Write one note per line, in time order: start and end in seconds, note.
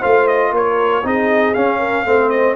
0.00 0.52 A3
0.00 1.03 F4
0.00 0.51 C5
0.00 0.28 F5
0.28 0.53 D#5
0.52 1.03 A#3
0.52 1.05 A#4
0.52 1.07 C#5
1.04 1.55 C4
1.04 1.55 D#4
1.04 1.79 G#4
1.04 1.54 D#5
1.54 2.06 C#4
1.54 2.30 F5
1.79 2.05 A#4
2.06 2.56 A3
2.06 2.56 C4
2.06 2.56 C5
2.30 2.55 D#5